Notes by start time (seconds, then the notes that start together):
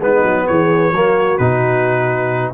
0.00 G#3 B3 D#4 B4
0.24 F#3
0.47 E3 G#4 C#5
0.92 F#3 A#3 F#4
1.38 B2 D#4 B4